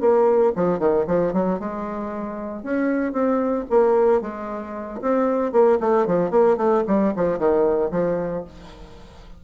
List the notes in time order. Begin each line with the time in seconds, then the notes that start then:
0.00 A#3
0.56 F3
0.79 D#3
1.07 F3
1.33 F#3
1.59 G#3
2.63 C#4
3.12 C4
3.70 A#3
4.22 G#3
5.01 C4
5.52 A#3
5.80 A3
6.07 F3
6.31 A#3
6.57 A3
6.87 G3
7.16 F3
7.39 D#3
7.91 F3